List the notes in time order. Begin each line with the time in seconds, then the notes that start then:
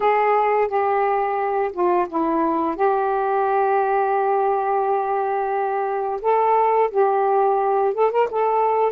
0.00 G#4
0.67 G4
1.72 F4
2.08 E4
2.76 G4
6.21 A4
6.90 G4
7.93 A4
8.11 A#4
8.30 A4